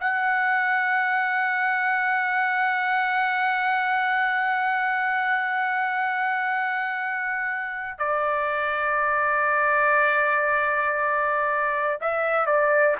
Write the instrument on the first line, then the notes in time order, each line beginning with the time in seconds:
trumpet
0.00 F#5
7.99 D5
12.01 E5
12.46 D5